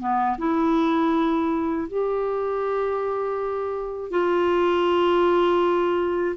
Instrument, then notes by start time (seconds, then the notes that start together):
clarinet
0.00 B3
0.39 E4
1.89 G4
4.11 F4